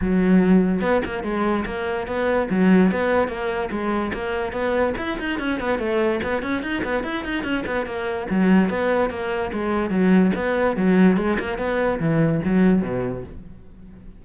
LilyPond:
\new Staff \with { instrumentName = "cello" } { \time 4/4 \tempo 4 = 145 fis2 b8 ais8 gis4 | ais4 b4 fis4 b4 | ais4 gis4 ais4 b4 | e'8 dis'8 cis'8 b8 a4 b8 cis'8 |
dis'8 b8 e'8 dis'8 cis'8 b8 ais4 | fis4 b4 ais4 gis4 | fis4 b4 fis4 gis8 ais8 | b4 e4 fis4 b,4 | }